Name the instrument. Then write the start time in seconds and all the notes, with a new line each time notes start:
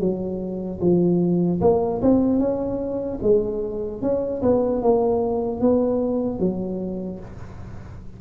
tuba
0.00 F#3
0.81 F3
1.61 A#3
2.02 C4
2.40 C#4
3.23 G#3
4.02 C#4
4.43 B3
4.83 A#3
5.61 B3
6.40 F#3